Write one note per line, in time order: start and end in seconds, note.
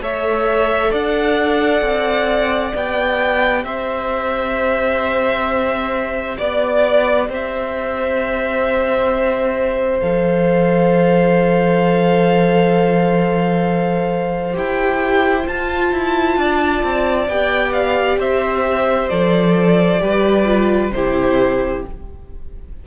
0.00 0.91 A3
0.00 2.72 A4
0.00 0.91 C#5
0.00 0.94 E5
0.91 1.82 D4
0.91 3.63 D5
0.91 2.76 F#5
1.82 2.73 C4
2.72 3.64 B3
2.72 9.99 G4
2.72 3.64 G5
3.64 6.37 C4
3.64 6.37 C5
3.64 6.37 E5
6.37 7.28 B3
6.37 7.28 D5
6.37 7.30 D5
7.28 10.01 C4
7.28 16.38 C5
7.28 10.00 E5
10.00 14.56 F3
10.00 14.53 A4
10.00 14.55 F5
14.53 15.47 E4
14.53 15.44 G4
14.53 15.48 G5
15.45 17.27 F4
15.45 15.92 F4
15.45 17.29 A5
15.92 16.37 E4
16.37 16.82 D4
16.37 18.19 D5
16.83 17.28 C4
17.28 18.18 B3
17.28 19.11 G4
17.28 17.73 G5
17.73 18.18 F5
18.18 19.09 C4
18.18 20.01 C5
18.18 19.09 E5
19.09 20.01 F3
19.09 20.00 A4
19.09 20.91 D5
20.00 20.91 G3
20.00 20.45 G4
20.00 20.94 B4
20.46 20.91 F4
20.91 21.82 C3
20.91 21.86 E4
20.91 21.86 G4
20.91 21.83 C5